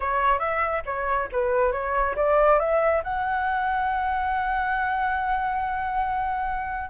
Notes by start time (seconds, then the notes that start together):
0.00 C#5
0.39 E5
0.85 C#5
1.32 B4
1.71 C#5
2.15 D5
2.59 E5
3.03 F#5